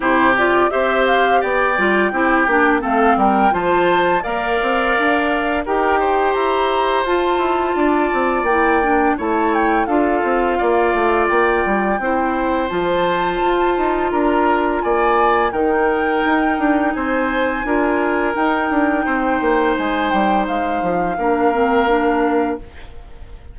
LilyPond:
<<
  \new Staff \with { instrumentName = "flute" } { \time 4/4 \tempo 4 = 85 c''8 d''8 e''8 f''8 g''2 | f''8 g''8 a''4 f''2 | g''4 ais''4 a''2 | g''4 a''8 g''8 f''2 |
g''2 a''2 | ais''4 gis''4 g''2 | gis''2 g''2 | gis''8 g''8 f''2. | }
  \new Staff \with { instrumentName = "oboe" } { \time 4/4 g'4 c''4 d''4 g'4 | a'8 ais'8 c''4 d''2 | ais'8 c''2~ c''8 d''4~ | d''4 cis''4 a'4 d''4~ |
d''4 c''2. | ais'4 d''4 ais'2 | c''4 ais'2 c''4~ | c''2 ais'2 | }
  \new Staff \with { instrumentName = "clarinet" } { \time 4/4 e'8 f'8 g'4. f'8 e'8 d'8 | c'4 f'4 ais'2 | g'2 f'2 | e'8 d'8 e'4 f'2~ |
f'4 e'4 f'2~ | f'2 dis'2~ | dis'4 f'4 dis'2~ | dis'2 d'8 c'8 d'4 | }
  \new Staff \with { instrumentName = "bassoon" } { \time 4/4 c4 c'4 b8 g8 c'8 ais8 | a8 g8 f4 ais8 c'8 d'4 | dis'4 e'4 f'8 e'8 d'8 c'8 | ais4 a4 d'8 c'8 ais8 a8 |
ais8 g8 c'4 f4 f'8 dis'8 | d'4 ais4 dis4 dis'8 d'8 | c'4 d'4 dis'8 d'8 c'8 ais8 | gis8 g8 gis8 f8 ais2 | }
>>